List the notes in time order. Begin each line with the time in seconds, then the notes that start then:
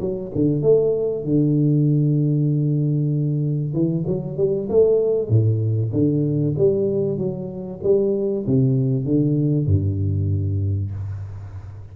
0.00 F#3
0.35 D3
0.62 A3
1.24 D3
3.73 E3
4.06 F#3
4.37 G3
4.69 A3
5.29 A2
5.92 D3
6.57 G3
7.18 F#3
7.83 G3
8.46 C3
9.05 D3
9.66 G2